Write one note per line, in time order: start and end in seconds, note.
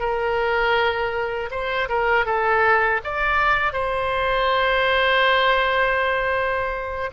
0.00 1.50 A#4
1.51 1.89 C5
1.89 2.26 A#4
2.26 3.01 A4
3.04 3.73 D5
3.73 7.10 C5